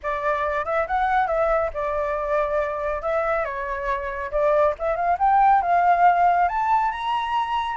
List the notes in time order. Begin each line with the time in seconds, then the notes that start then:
0.02 D5
0.65 E5
0.87 F#5
1.27 E5
1.73 D5
3.02 E5
3.44 C#5
4.31 D5
4.78 E5
4.96 F5
5.18 G5
5.62 F5
6.48 A5
6.91 A#5